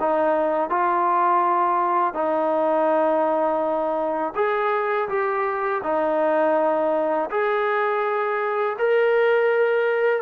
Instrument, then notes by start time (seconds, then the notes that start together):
trombone
0.00 D#4
0.70 F4
2.14 D#4
4.35 G#4
5.09 G4
5.83 D#4
7.30 G#4
8.78 A#4